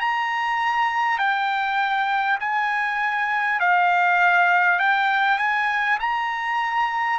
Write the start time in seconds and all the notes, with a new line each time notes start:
0.00 A#5
1.18 G5
2.41 G#5
3.61 F5
4.79 G5
5.38 G#5
6.00 A#5